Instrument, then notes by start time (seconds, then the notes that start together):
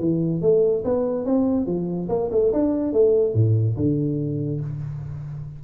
tuba
0.00 E3
0.42 A3
0.85 B3
1.26 C4
1.67 F3
2.09 A#3
2.32 A3
2.53 D4
2.93 A3
3.34 A2
3.77 D3